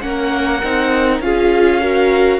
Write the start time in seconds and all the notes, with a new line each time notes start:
0.00 A#3 C#4 A#4 F#5
0.63 C4 D#4
1.20 C#4 F4 G#4 F5
1.81 F#4 A#4